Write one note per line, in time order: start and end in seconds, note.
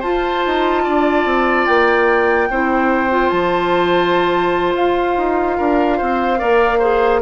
0.00 0.44 F4
0.00 2.49 F4
0.00 0.82 C5
0.00 1.66 A5
0.46 0.87 D#4
0.84 1.25 D4
0.84 2.49 D5
1.25 1.66 C4
1.67 2.50 A#3
1.67 3.30 G5
2.50 3.32 C4
2.50 3.10 E4
2.50 5.58 C5
3.10 6.38 F4
3.30 4.76 F3
3.30 4.73 A5
4.76 5.17 F4
4.76 7.22 F5
5.17 5.58 D#4
5.58 6.01 D4
5.58 5.98 A#4
5.98 6.42 C4
5.98 6.39 C5
6.38 7.23 A#3
6.38 6.79 A#4
6.38 6.79 D5
6.79 7.22 G#4
6.79 7.20 C5